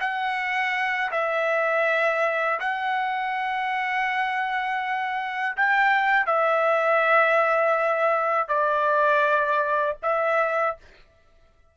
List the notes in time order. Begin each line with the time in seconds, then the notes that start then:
0.00 F#5
1.11 E5
2.60 F#5
5.57 G5
6.26 E5
8.48 D5
10.02 E5